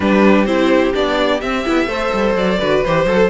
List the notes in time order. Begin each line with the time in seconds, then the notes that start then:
0.00 G3 D4 G4 B4
0.45 C4 E4 C5
0.93 B3 D4 D5
1.40 C4 E5
1.64 B3 E4
1.86 A3 A4 C5
2.13 G3
2.35 F#3 D5
2.58 D3 F#4 B4
2.84 E3 G4 C5
3.05 F#3 A4